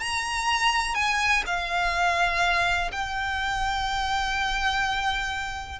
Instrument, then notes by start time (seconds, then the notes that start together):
violin
0.00 A#5
0.95 G#5
1.46 F5
2.92 G5